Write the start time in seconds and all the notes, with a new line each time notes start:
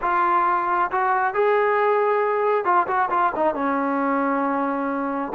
0.01 F4
0.91 F#4
1.34 G#4
2.64 F4
2.87 F#4
3.10 F4
3.35 D#4
3.54 C#4